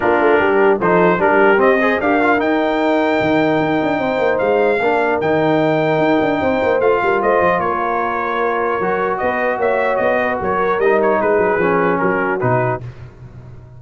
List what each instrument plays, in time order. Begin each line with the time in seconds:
0.00 tuba A#3, trombone D4, horn F4, trumpet A#4
0.20 tuba A3
0.38 tuba G3, horn G4
0.79 tuba F3, trombone D#4, horn A4, trumpet C5
1.18 tuba G3, trombone D4, horn G4, trumpet A#4
1.57 trombone C4, tuba C4, trumpet D#5
1.81 trombone G#4, horn C5
2.00 tuba D4, trombone G4, horn A#4, trumpet F5
2.21 trombone F4
2.38 trombone D#4, tuba D#4, trumpet G5
3.20 tuba D#3
3.60 tuba D#4
3.82 tuba D4
3.98 tuba C4, horn C5
4.19 tuba A#3
4.38 tuba G#3, trumpet F5
4.80 tuba A#3, trombone D4, horn A#4
5.20 tuba D#3, trombone D#4, trumpet G5
5.98 tuba D#4
6.21 tuba D4
6.41 tuba C4, horn C5
6.62 tuba A#3
6.79 tuba A3, trombone F4, trumpet F5
7.02 tuba G3, horn A#4
7.22 tuba A3, horn C5, trumpet D#5
7.39 tuba F3
7.58 tuba A#3, horn A#4, trumpet C#5
8.80 tuba F#3, trombone F#4
9.17 tuba B3, horn B4, trumpet D#5
9.58 tuba A#3, horn C#5, trumpet E5
9.96 tuba B3, trumpet D#5
10.20 horn B4
10.39 tuba F#3, horn A#4, trumpet C#5
10.78 tuba G3, trombone D#4, trumpet D#5
11.01 trumpet C#5
11.20 tuba G#3, horn G#4, trumpet B4
11.37 tuba F#3
11.58 tuba F3, trombone C#4
11.98 tuba F#3, horn F#4, trumpet A#4
12.40 tuba B2, trombone D#4, trumpet B4